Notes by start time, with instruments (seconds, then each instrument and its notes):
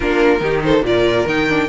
0.00 cello A#3, viola D4, violin F4 A#4
0.39 cello D#3, viola D#4, violin G4
0.63 violin A4 C5
0.82 cello A#2, viola F4, violin A#4 D5
1.26 cello D#3, viola D#4, violin G5
1.48 viola D4